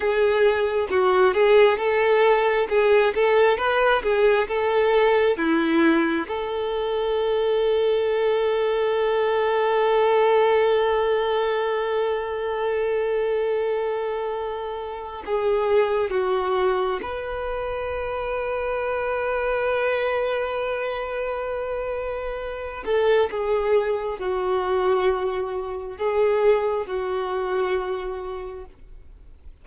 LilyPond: \new Staff \with { instrumentName = "violin" } { \time 4/4 \tempo 4 = 67 gis'4 fis'8 gis'8 a'4 gis'8 a'8 | b'8 gis'8 a'4 e'4 a'4~ | a'1~ | a'1~ |
a'4 gis'4 fis'4 b'4~ | b'1~ | b'4. a'8 gis'4 fis'4~ | fis'4 gis'4 fis'2 | }